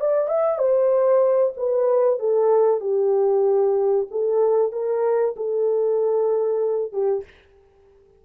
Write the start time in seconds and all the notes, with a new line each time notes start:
0.00 D5
0.28 E5
0.58 C5
1.56 B4
2.19 A4
2.80 G4
4.11 A4
4.72 A#4
5.36 A4
6.92 G4